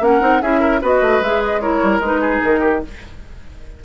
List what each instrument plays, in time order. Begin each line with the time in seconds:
0.00 bassoon A#3, clarinet C#4, oboe A#4, flute F#5
0.21 bassoon C4, clarinet D#4
0.42 bassoon C#4, clarinet E4, oboe G#4, flute E5
0.60 oboe A#4
0.82 bassoon B3, clarinet F#4, oboe B4, flute D#5
1.01 bassoon A3
1.21 bassoon G#3, clarinet G#4, flute E5
1.44 flute D#5
1.61 clarinet E4, oboe A#4, flute C#5
1.83 bassoon G3
2.00 bassoon G#3, clarinet D#4, flute B4
2.21 oboe G#4
2.43 bassoon D#3, flute A#4
2.60 oboe G4